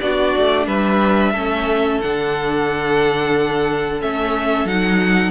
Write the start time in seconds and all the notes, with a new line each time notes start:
0.00 B3 D4 F#4 D5
0.37 A3
0.67 G3 B4 E5
1.32 A3 C#4 A4
2.01 D3 D4 F#5
4.01 A3 C#4 E5
4.64 F#3 D#4 F#5